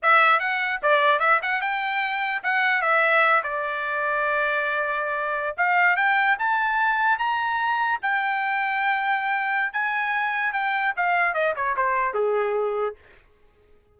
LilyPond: \new Staff \with { instrumentName = "trumpet" } { \time 4/4 \tempo 4 = 148 e''4 fis''4 d''4 e''8 fis''8 | g''2 fis''4 e''4~ | e''8 d''2.~ d''8~ | d''4.~ d''16 f''4 g''4 a''16~ |
a''4.~ a''16 ais''2 g''16~ | g''1 | gis''2 g''4 f''4 | dis''8 cis''8 c''4 gis'2 | }